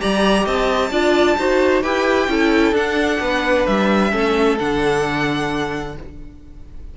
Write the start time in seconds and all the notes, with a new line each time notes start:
0.00 G3 G4 D5 A#5
0.45 C4 D#5 A5
0.91 D4 F4 D5
1.38 D#4 F#4 C5
1.83 E4 G4 B4 G5
2.28 C#4 E4 A4
2.73 D4 F#5
3.20 B3 B4
3.67 G3 E5
4.11 A3 C#4 A4
4.59 D3 D4 F#5